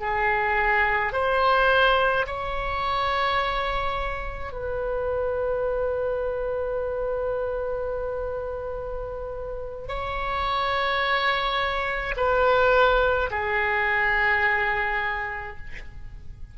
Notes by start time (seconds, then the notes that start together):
0.00 G#4
1.13 C5
2.26 C#5
4.52 B4
9.89 C#5
12.16 B4
13.31 G#4